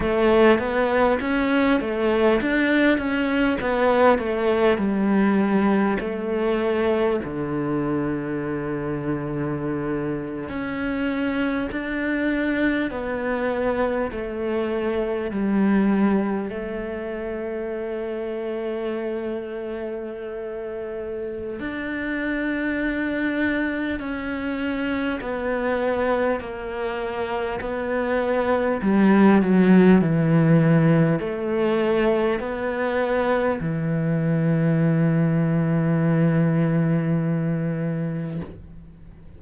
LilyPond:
\new Staff \with { instrumentName = "cello" } { \time 4/4 \tempo 4 = 50 a8 b8 cis'8 a8 d'8 cis'8 b8 a8 | g4 a4 d2~ | d8. cis'4 d'4 b4 a16~ | a8. g4 a2~ a16~ |
a2 d'2 | cis'4 b4 ais4 b4 | g8 fis8 e4 a4 b4 | e1 | }